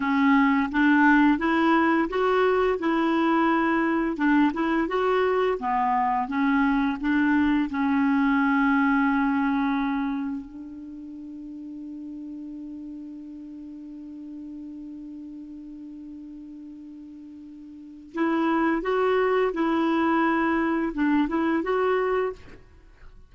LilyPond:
\new Staff \with { instrumentName = "clarinet" } { \time 4/4 \tempo 4 = 86 cis'4 d'4 e'4 fis'4 | e'2 d'8 e'8 fis'4 | b4 cis'4 d'4 cis'4~ | cis'2. d'4~ |
d'1~ | d'1~ | d'2 e'4 fis'4 | e'2 d'8 e'8 fis'4 | }